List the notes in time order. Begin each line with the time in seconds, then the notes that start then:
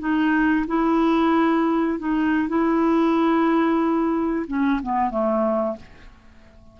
0.00 D#4
0.68 E4
1.99 D#4
2.49 E4
4.48 C#4
4.83 B3
5.11 A3